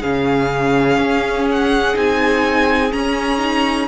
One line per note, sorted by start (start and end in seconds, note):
0.00 0.98 C#3
0.00 1.94 C#4
0.00 3.87 G#4
0.00 1.47 F5
0.98 1.95 C#4
1.51 1.97 F#5
1.94 2.93 C4
1.94 2.91 D#4
1.94 2.92 G#5
2.92 3.38 C#4
2.92 3.88 C#4
2.92 3.88 A#5
3.38 3.87 D#4